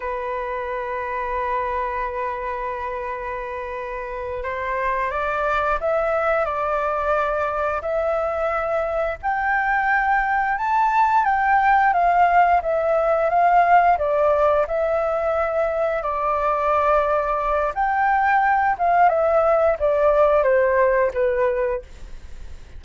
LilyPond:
\new Staff \with { instrumentName = "flute" } { \time 4/4 \tempo 4 = 88 b'1~ | b'2~ b'8 c''4 d''8~ | d''8 e''4 d''2 e''8~ | e''4. g''2 a''8~ |
a''8 g''4 f''4 e''4 f''8~ | f''8 d''4 e''2 d''8~ | d''2 g''4. f''8 | e''4 d''4 c''4 b'4 | }